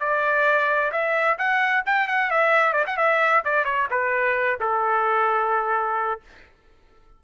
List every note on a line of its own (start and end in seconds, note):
0.00 0.92 D5
0.92 1.38 E5
1.38 1.84 F#5
1.86 2.08 G5
2.08 2.31 F#5
2.31 2.73 E5
2.73 2.85 D5
2.87 2.97 F#5
2.97 3.43 E5
3.45 3.65 D5
3.65 3.88 C#5
3.91 4.59 B4
4.61 6.21 A4